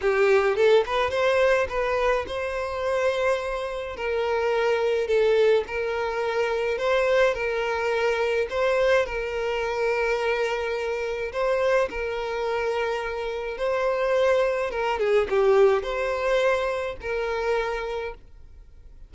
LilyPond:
\new Staff \with { instrumentName = "violin" } { \time 4/4 \tempo 4 = 106 g'4 a'8 b'8 c''4 b'4 | c''2. ais'4~ | ais'4 a'4 ais'2 | c''4 ais'2 c''4 |
ais'1 | c''4 ais'2. | c''2 ais'8 gis'8 g'4 | c''2 ais'2 | }